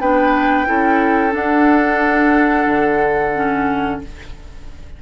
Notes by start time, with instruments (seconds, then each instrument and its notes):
0.00 bassoon B3, clarinet D4, oboe B4, flute G5
0.67 bassoon C#4, clarinet E4, oboe A4
1.31 clarinet D4, bassoon D4, flute F#5
2.67 bassoon D3
3.36 clarinet C#4